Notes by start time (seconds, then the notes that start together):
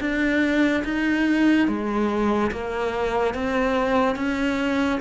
0.00 D4
0.84 D#4
1.68 G#3
2.52 A#3
3.34 C4
4.16 C#4